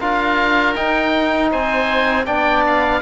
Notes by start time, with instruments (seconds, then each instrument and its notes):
0.00 cello D4, trombone F4, oboe A#4 F5
0.76 trombone D#4, cello D#4, oboe G5
1.51 cello C4, oboe C5 G#5
2.26 cello B3, trombone D4, oboe D5 G5
2.67 oboe F5